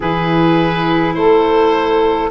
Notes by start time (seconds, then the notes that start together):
0.00 E3 E4 G#4 B4
1.14 A3 A4 C5